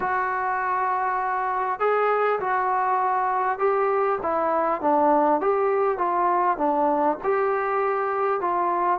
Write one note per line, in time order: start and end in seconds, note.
0.00 1.79 F#4
1.79 2.39 G#4
2.40 3.58 F#4
3.58 4.18 G4
4.22 4.81 E4
4.81 5.40 D4
5.40 5.98 G4
5.98 6.57 F4
6.57 7.17 D4
7.23 8.40 G4
8.40 8.99 F4